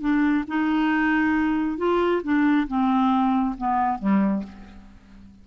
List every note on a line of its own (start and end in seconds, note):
0.00 0.44 D4
0.47 1.77 D#4
1.77 2.21 F4
2.23 2.67 D4
2.67 3.55 C4
3.57 3.99 B3
3.99 4.43 G3